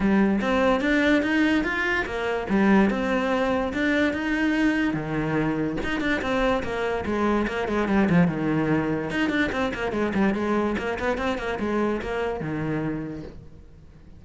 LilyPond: \new Staff \with { instrumentName = "cello" } { \time 4/4 \tempo 4 = 145 g4 c'4 d'4 dis'4 | f'4 ais4 g4 c'4~ | c'4 d'4 dis'2 | dis2 dis'8 d'8 c'4 |
ais4 gis4 ais8 gis8 g8 f8 | dis2 dis'8 d'8 c'8 ais8 | gis8 g8 gis4 ais8 b8 c'8 ais8 | gis4 ais4 dis2 | }